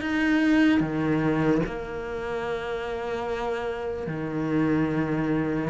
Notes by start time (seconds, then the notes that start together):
0.00 D#4
0.80 D#3
1.65 A#3
4.07 D#3